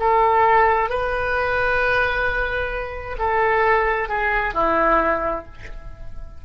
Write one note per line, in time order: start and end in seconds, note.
0.00 0.90 A4
0.90 3.17 B4
3.19 4.09 A4
4.09 4.54 G#4
4.54 5.45 E4